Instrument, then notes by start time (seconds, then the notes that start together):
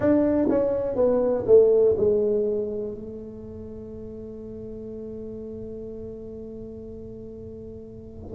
tuba
0.00 D4
0.49 C#4
0.95 B3
1.46 A3
1.97 G#3
2.94 A3